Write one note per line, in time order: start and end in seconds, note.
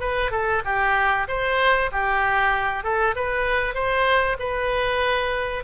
0.00 0.31 B4
0.32 0.63 A4
0.65 1.27 G4
1.28 1.91 C5
1.92 2.84 G4
2.84 3.15 A4
3.16 3.74 B4
3.74 4.37 C5
4.39 5.64 B4